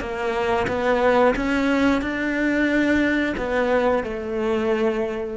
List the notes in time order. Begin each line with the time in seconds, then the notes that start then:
0.00 A#3
0.67 B3
1.36 C#4
2.01 D4
3.37 B3
4.03 A3